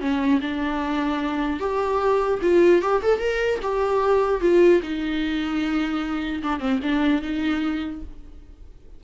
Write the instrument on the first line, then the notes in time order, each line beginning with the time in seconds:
viola
0.00 C#4
0.41 D4
1.60 G4
2.41 F4
2.82 G4
3.02 A4
3.19 A#4
3.62 G4
4.41 F4
4.82 D#4
6.43 D4
6.59 C4
6.82 D4
7.22 D#4